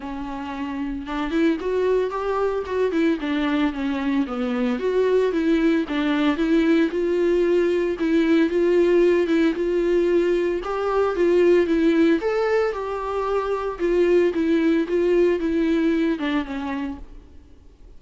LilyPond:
\new Staff \with { instrumentName = "viola" } { \time 4/4 \tempo 4 = 113 cis'2 d'8 e'8 fis'4 | g'4 fis'8 e'8 d'4 cis'4 | b4 fis'4 e'4 d'4 | e'4 f'2 e'4 |
f'4. e'8 f'2 | g'4 f'4 e'4 a'4 | g'2 f'4 e'4 | f'4 e'4. d'8 cis'4 | }